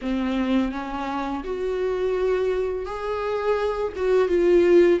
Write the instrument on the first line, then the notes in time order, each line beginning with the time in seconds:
viola
0.01 C4
0.72 C#4
1.44 F#4
2.85 G#4
3.96 F#4
4.28 F4